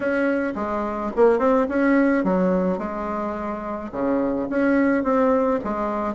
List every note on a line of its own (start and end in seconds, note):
0.00 0.53 C#4
0.55 1.11 G#3
1.15 1.38 A#3
1.38 1.66 C4
1.68 2.24 C#4
2.24 2.78 F#3
2.78 3.90 G#3
3.92 4.48 C#3
4.49 5.03 C#4
5.03 5.59 C4
5.64 6.14 G#3